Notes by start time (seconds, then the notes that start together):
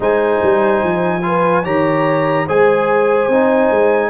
0.00 G#3 D#4 C5 G#5
0.42 G3
0.83 F3
1.22 F4 B4
1.63 D#3 G4 C#5 A#5
2.46 G#3 G#4 C5 G#5
3.28 C4 D#4
3.71 G#3